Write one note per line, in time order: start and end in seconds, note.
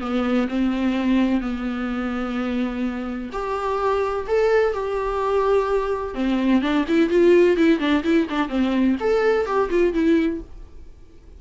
0.00 0.47 B3
0.48 1.41 C4
1.41 3.30 B3
3.32 4.26 G4
4.27 4.73 A4
4.73 6.14 G4
6.14 6.61 C4
6.61 6.85 D4
6.88 7.09 E4
7.09 7.56 F4
7.56 7.79 E4
7.79 8.03 D4
8.03 8.27 E4
8.29 8.48 D4
8.48 8.95 C4
9.00 9.45 A4
9.45 9.69 G4
9.70 9.93 F4
9.93 10.41 E4